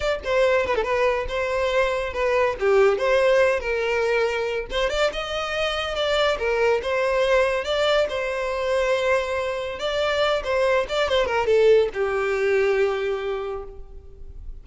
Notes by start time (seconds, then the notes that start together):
0.00 D5
0.24 C5
0.66 B4
0.75 A4
0.83 B4
1.28 C5
2.13 B4
2.59 G4
2.97 C5
3.60 A#4
4.70 C5
4.89 D5
5.12 D#5
5.95 D5
6.38 A#4
6.82 C5
7.64 D5
8.09 C5
9.79 D5
10.44 C5
10.89 D5
11.09 C5
11.26 A#4
11.46 A4
11.93 G4